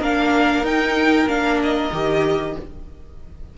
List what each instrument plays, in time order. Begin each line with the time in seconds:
0.00 cello A#3, viola D4, violin A#4 F5
0.63 cello D#4, viola D#4, violin G5
1.27 cello A#3, viola D4, violin F5
1.63 violin D#5
1.92 cello D#3, viola G4